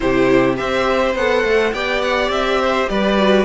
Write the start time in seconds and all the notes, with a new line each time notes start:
0.00 C3 E4 G4 C5
0.56 C4 G4 C5 E5
1.15 B3 A4 F#5
1.43 A3
1.73 B3 G4 D5 G5
2.01 F#5
2.28 C4 E5
2.60 C5
2.88 G3 B4 D5
3.17 F#4